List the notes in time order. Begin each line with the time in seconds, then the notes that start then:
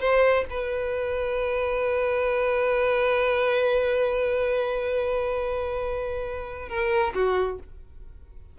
0.00 C5
0.49 B4
6.68 A#4
7.14 F#4